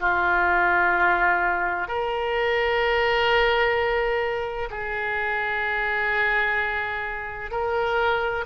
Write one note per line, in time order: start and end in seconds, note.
0.00 1.87 F4
1.87 4.69 A#4
4.70 7.51 G#4
7.51 8.45 A#4